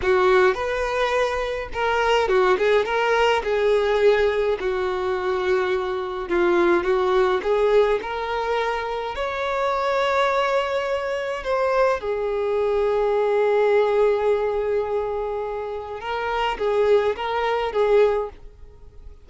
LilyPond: \new Staff \with { instrumentName = "violin" } { \time 4/4 \tempo 4 = 105 fis'4 b'2 ais'4 | fis'8 gis'8 ais'4 gis'2 | fis'2. f'4 | fis'4 gis'4 ais'2 |
cis''1 | c''4 gis'2.~ | gis'1 | ais'4 gis'4 ais'4 gis'4 | }